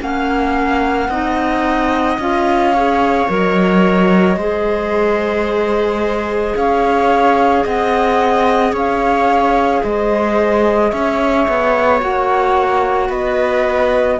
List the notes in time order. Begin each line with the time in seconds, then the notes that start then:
0.00 A#3 C#4 F5 F#5
1.09 C4 D#4 D#5
2.18 C#4 F4 F5
2.73 G#4 C#5
3.28 F#3 A#4 D#5
4.36 G#3 G#4 C5
6.55 C#4 C#5 F5
7.64 C4 D#5 F#5
8.72 C#4 C#5 F5
9.83 G#3 C5 D#5
10.91 C#4 C#5 E5
11.48 B3
12.01 A#3 F#4 F#5
13.08 B3 B4 D#5